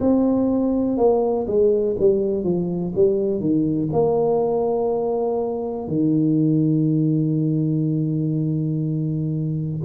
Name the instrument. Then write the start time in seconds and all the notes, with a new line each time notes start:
tuba
0.00 C4
0.97 A#3
1.47 G#3
1.99 G3
2.44 F3
2.95 G3
3.40 D#3
3.93 A#3
5.88 D#3